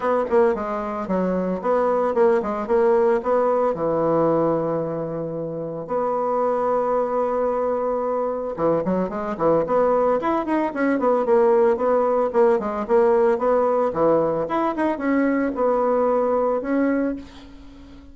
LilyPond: \new Staff \with { instrumentName = "bassoon" } { \time 4/4 \tempo 4 = 112 b8 ais8 gis4 fis4 b4 | ais8 gis8 ais4 b4 e4~ | e2. b4~ | b1 |
e8 fis8 gis8 e8 b4 e'8 dis'8 | cis'8 b8 ais4 b4 ais8 gis8 | ais4 b4 e4 e'8 dis'8 | cis'4 b2 cis'4 | }